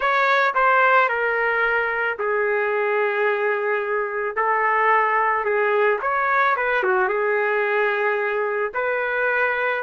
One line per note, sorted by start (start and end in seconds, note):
0.00 0.54 C#5
0.54 1.09 C5
1.09 2.18 A#4
2.18 4.36 G#4
4.36 5.44 A4
5.44 5.99 G#4
6.01 6.56 C#5
6.56 6.83 B4
6.83 7.08 F#4
7.08 8.71 G#4
8.73 9.83 B4